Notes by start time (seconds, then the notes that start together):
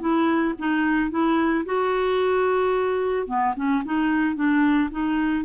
0.00 E4
0.58 D#4
1.10 E4
1.65 F#4
3.27 B3
3.56 C#4
3.85 D#4
4.35 D4
4.91 D#4